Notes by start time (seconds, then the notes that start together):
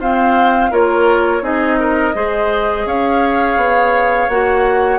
0.00 C4 F4 C5 F5
0.71 A#3 F4 A#4 C#5
1.42 C4 D#4 G#4 D#5
1.80 A#4
2.15 G#3 G#4 C5
2.86 C#4 C#5 F5
3.57 B3
4.29 A#3 F#4 F#5